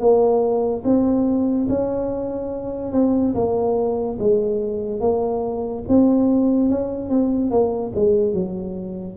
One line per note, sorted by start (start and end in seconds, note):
0.00 0.83 A#3
0.84 1.68 C4
1.69 2.93 C#4
2.93 3.34 C4
3.35 4.18 A#3
4.19 5.01 G#3
5.01 5.84 A#3
5.89 6.70 C4
6.70 7.09 C#4
7.09 7.51 C4
7.51 7.93 A#3
7.95 8.34 G#3
8.34 9.17 F#3